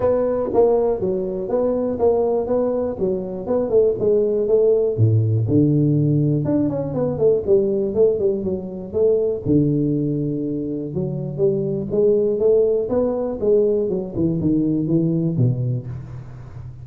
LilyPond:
\new Staff \with { instrumentName = "tuba" } { \time 4/4 \tempo 4 = 121 b4 ais4 fis4 b4 | ais4 b4 fis4 b8 a8 | gis4 a4 a,4 d4~ | d4 d'8 cis'8 b8 a8 g4 |
a8 g8 fis4 a4 d4~ | d2 fis4 g4 | gis4 a4 b4 gis4 | fis8 e8 dis4 e4 b,4 | }